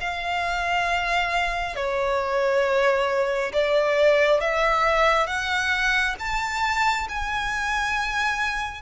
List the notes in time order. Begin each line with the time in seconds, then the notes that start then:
0.00 F5
1.75 C#5
3.53 D5
4.40 E5
5.27 F#5
6.19 A5
7.08 G#5